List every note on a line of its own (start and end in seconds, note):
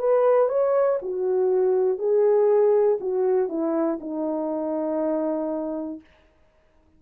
0.00 0.49 B4
0.49 0.99 C#5
1.03 1.99 F#4
1.99 2.99 G#4
3.01 3.50 F#4
3.50 4.00 E4
4.01 6.01 D#4